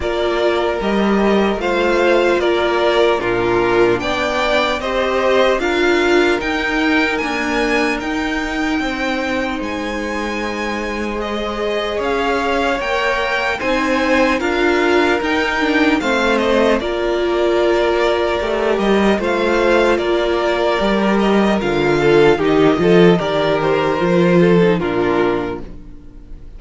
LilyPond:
<<
  \new Staff \with { instrumentName = "violin" } { \time 4/4 \tempo 4 = 75 d''4 dis''4 f''4 d''4 | ais'4 g''4 dis''4 f''4 | g''4 gis''4 g''2 | gis''2 dis''4 f''4 |
g''4 gis''4 f''4 g''4 | f''8 dis''8 d''2~ d''8 dis''8 | f''4 d''4. dis''8 f''4 | dis''4 d''8 c''4. ais'4 | }
  \new Staff \with { instrumentName = "violin" } { \time 4/4 ais'2 c''4 ais'4 | f'4 d''4 c''4 ais'4~ | ais'2. c''4~ | c''2. cis''4~ |
cis''4 c''4 ais'2 | c''4 ais'2. | c''4 ais'2~ ais'8 a'8 | g'8 a'8 ais'4. a'8 f'4 | }
  \new Staff \with { instrumentName = "viola" } { \time 4/4 f'4 g'4 f'2 | d'2 g'4 f'4 | dis'4 ais4 dis'2~ | dis'2 gis'2 |
ais'4 dis'4 f'4 dis'8 d'8 | c'4 f'2 g'4 | f'2 g'4 f'4 | dis'8 f'8 g'4 f'8. dis'16 d'4 | }
  \new Staff \with { instrumentName = "cello" } { \time 4/4 ais4 g4 a4 ais4 | ais,4 b4 c'4 d'4 | dis'4 d'4 dis'4 c'4 | gis2. cis'4 |
ais4 c'4 d'4 dis'4 | a4 ais2 a8 g8 | a4 ais4 g4 d4 | dis8 f8 dis4 f4 ais,4 | }
>>